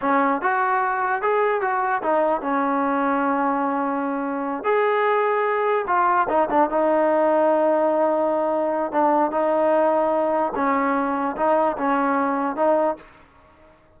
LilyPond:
\new Staff \with { instrumentName = "trombone" } { \time 4/4 \tempo 4 = 148 cis'4 fis'2 gis'4 | fis'4 dis'4 cis'2~ | cis'2.~ cis'8 gis'8~ | gis'2~ gis'8 f'4 dis'8 |
d'8 dis'2.~ dis'8~ | dis'2 d'4 dis'4~ | dis'2 cis'2 | dis'4 cis'2 dis'4 | }